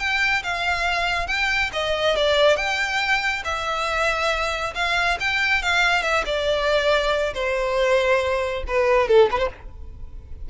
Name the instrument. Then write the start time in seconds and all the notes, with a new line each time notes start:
violin
0.00 G5
0.44 F5
1.28 G5
1.73 D#5
2.16 D5
2.57 G5
3.45 E5
4.75 F5
5.21 G5
5.63 F5
6.03 E5
6.26 D5
7.34 C5
8.68 B4
9.08 A4
9.32 B4
9.39 C5